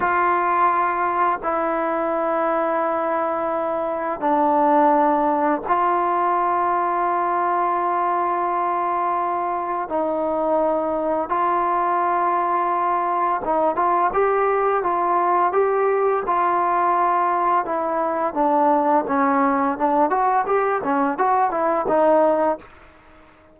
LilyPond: \new Staff \with { instrumentName = "trombone" } { \time 4/4 \tempo 4 = 85 f'2 e'2~ | e'2 d'2 | f'1~ | f'2 dis'2 |
f'2. dis'8 f'8 | g'4 f'4 g'4 f'4~ | f'4 e'4 d'4 cis'4 | d'8 fis'8 g'8 cis'8 fis'8 e'8 dis'4 | }